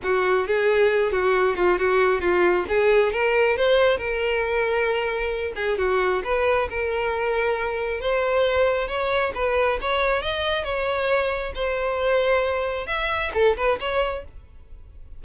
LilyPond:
\new Staff \with { instrumentName = "violin" } { \time 4/4 \tempo 4 = 135 fis'4 gis'4. fis'4 f'8 | fis'4 f'4 gis'4 ais'4 | c''4 ais'2.~ | ais'8 gis'8 fis'4 b'4 ais'4~ |
ais'2 c''2 | cis''4 b'4 cis''4 dis''4 | cis''2 c''2~ | c''4 e''4 a'8 b'8 cis''4 | }